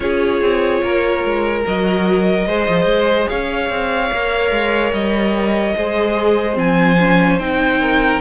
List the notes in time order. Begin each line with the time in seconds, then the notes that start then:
0.00 C#4 F4 G#4 C#5
0.41 C4
0.82 A#3 A#4
1.24 G#3
1.64 F#3 F#4 D#5
2.47 G#3 G#4 C5
2.68 F3
2.85 G#3
3.28 C#4 C#5 F5
3.69 C4
4.11 A#3 A#4
4.51 G#3
4.92 G3 D#5
5.76 G#3 G#4 C5
6.54 F3 C4 G#5
6.99 C#4
7.39 C4 D#4 G5
7.81 A#4